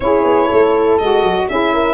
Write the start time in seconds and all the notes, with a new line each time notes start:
0.00 C#4 E4 G#4 C#5
0.24 B3
0.46 A4
0.52 A3
0.98 G#3 F#4 D#5
1.23 F#3
1.48 C#4 E4 G#4 E5
1.73 A#4